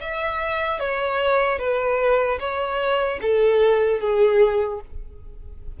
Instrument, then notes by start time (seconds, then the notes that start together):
violin
0.00 E5
0.79 C#5
1.58 B4
2.39 C#5
3.21 A4
4.00 G#4